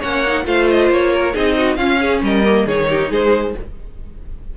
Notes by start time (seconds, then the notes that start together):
0.00 A#3 C#4 C#5 F#5
0.27 D#4
0.44 A3 F4 C5 F5
0.70 D#5
0.90 A#3 C#5
1.15 A#4
1.34 C4 D#4 G#4 D#5
1.58 F#4
1.77 C#4 F4 F5
2.01 G#4
2.22 G3 A#4 D#5
2.45 A#3
2.66 D#3 D#4 G#4 C#5
2.90 G4
3.11 G#3 G#4 C5